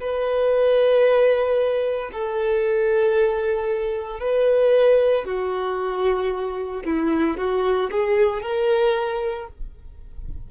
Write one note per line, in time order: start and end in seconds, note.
0.00 2.11 B4
2.12 4.20 A4
4.20 5.25 B4
5.25 6.83 F#4
6.85 7.37 E4
7.37 7.90 F#4
7.91 8.43 G#4
8.43 9.48 A#4